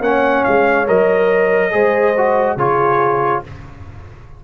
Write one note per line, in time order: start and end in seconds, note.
0.00 0.43 A#3
0.00 0.87 C#4
0.00 1.72 C#5
0.00 0.44 F#5
0.44 0.88 G#3
0.44 0.87 F5
0.87 1.73 F#3
0.87 1.71 A#4
0.87 2.58 D#5
1.71 2.56 G#3
1.71 2.13 G#4
1.71 2.56 C5
2.17 2.58 F#4
2.56 3.42 C#3
2.56 3.44 F4
2.56 3.42 G#4
2.56 3.43 C#5